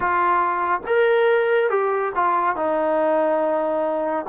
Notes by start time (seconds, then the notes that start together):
0.00 F4
0.86 A#4
1.69 G4
2.15 F4
2.55 D#4